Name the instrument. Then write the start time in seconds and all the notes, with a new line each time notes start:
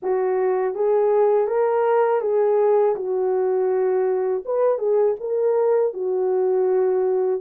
horn
0.02 F#4
0.74 G#4
1.47 A#4
2.21 G#4
2.95 F#4
4.45 B4
4.78 G#4
5.20 A#4
5.93 F#4